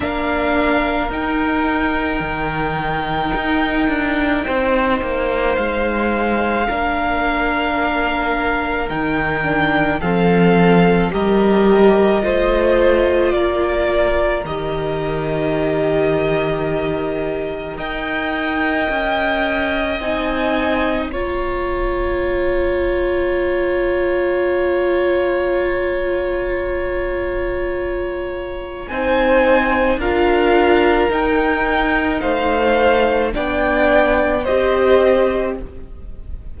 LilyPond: <<
  \new Staff \with { instrumentName = "violin" } { \time 4/4 \tempo 4 = 54 f''4 g''2.~ | g''4 f''2. | g''4 f''4 dis''2 | d''4 dis''2. |
g''2 gis''4 ais''4~ | ais''1~ | ais''2 gis''4 f''4 | g''4 f''4 g''4 dis''4 | }
  \new Staff \with { instrumentName = "violin" } { \time 4/4 ais'1 | c''2 ais'2~ | ais'4 a'4 ais'4 c''4 | ais'1 |
dis''2. cis''4~ | cis''1~ | cis''2 c''4 ais'4~ | ais'4 c''4 d''4 c''4 | }
  \new Staff \with { instrumentName = "viola" } { \time 4/4 d'4 dis'2.~ | dis'2 d'2 | dis'8 d'8 c'4 g'4 f'4~ | f'4 g'2. |
ais'2 dis'4 f'4~ | f'1~ | f'2 dis'4 f'4 | dis'2 d'4 g'4 | }
  \new Staff \with { instrumentName = "cello" } { \time 4/4 ais4 dis'4 dis4 dis'8 d'8 | c'8 ais8 gis4 ais2 | dis4 f4 g4 a4 | ais4 dis2. |
dis'4 cis'4 c'4 ais4~ | ais1~ | ais2 c'4 d'4 | dis'4 a4 b4 c'4 | }
>>